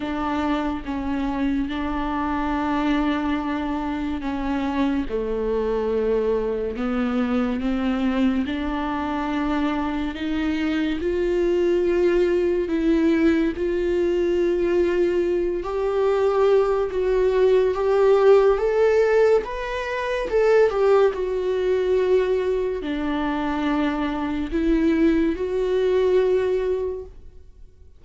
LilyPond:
\new Staff \with { instrumentName = "viola" } { \time 4/4 \tempo 4 = 71 d'4 cis'4 d'2~ | d'4 cis'4 a2 | b4 c'4 d'2 | dis'4 f'2 e'4 |
f'2~ f'8 g'4. | fis'4 g'4 a'4 b'4 | a'8 g'8 fis'2 d'4~ | d'4 e'4 fis'2 | }